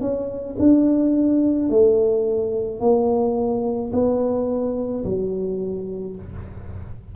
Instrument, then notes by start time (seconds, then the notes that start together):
tuba
0.00 C#4
0.59 D4
1.69 A3
2.80 A#3
3.92 B3
5.04 F#3